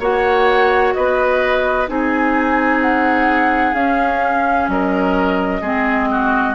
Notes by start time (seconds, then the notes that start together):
0.00 A#3 F#4 C#5 F#5
0.94 B3 B4 D#5
1.88 C4 D#4 G#4 G#5
2.82 F#5
3.74 C#4 F5
4.69 F#3 A#4 D#5
5.62 G#3 C4 G#4
6.12 F#4